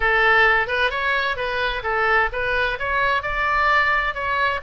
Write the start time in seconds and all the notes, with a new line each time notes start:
0.00 A4
0.67 B4
0.90 C#5
1.36 B4
1.83 A4
2.32 B4
2.79 C#5
3.22 D5
4.14 C#5